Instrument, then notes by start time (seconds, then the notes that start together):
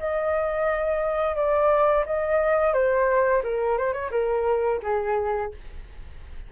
flute
0.00 D#5
1.36 D5
2.06 D#5
2.74 C5
3.44 A#4
3.78 C5
3.93 C#5
4.12 A#4
4.83 G#4